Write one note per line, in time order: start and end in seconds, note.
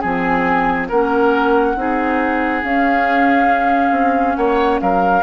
0.00 0.91 F3
0.00 0.90 C4
0.00 0.88 G#4
0.00 0.87 G#5
0.89 1.76 A#3
0.89 1.77 C#4
0.89 1.76 A#4
0.89 2.64 F#5
1.76 2.63 C4
1.76 2.63 D#4
1.76 4.38 G#4
2.63 5.24 C#4
2.63 3.91 C#4
2.63 4.36 F5
3.91 4.35 C4
4.36 4.81 A#3
4.36 4.81 C#5
4.36 4.80 F#5
4.81 5.24 F#3
4.81 5.24 A#4
4.81 5.24 F5